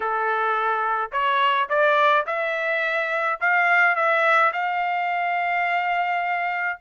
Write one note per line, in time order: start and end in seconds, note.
0.00 1.10 A4
1.12 1.68 C#5
1.69 2.25 D5
2.26 3.39 E5
3.40 3.95 F5
3.95 4.52 E5
4.53 6.79 F5